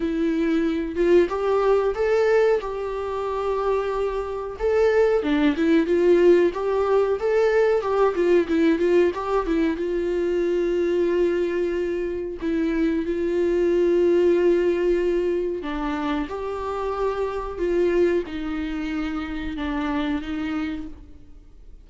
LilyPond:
\new Staff \with { instrumentName = "viola" } { \time 4/4 \tempo 4 = 92 e'4. f'8 g'4 a'4 | g'2. a'4 | d'8 e'8 f'4 g'4 a'4 | g'8 f'8 e'8 f'8 g'8 e'8 f'4~ |
f'2. e'4 | f'1 | d'4 g'2 f'4 | dis'2 d'4 dis'4 | }